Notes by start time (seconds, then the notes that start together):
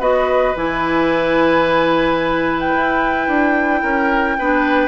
0.00 B3 F#4 B4 D#5
0.56 E3 E4 G#5
2.60 G5
2.75 E4
3.28 D4
3.82 C#4 A#4
4.39 B3 D4 B4